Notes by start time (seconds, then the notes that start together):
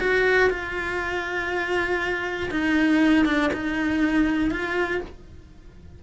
0.00 F#4
0.50 F4
2.51 D#4
3.26 D4
3.53 D#4
4.51 F4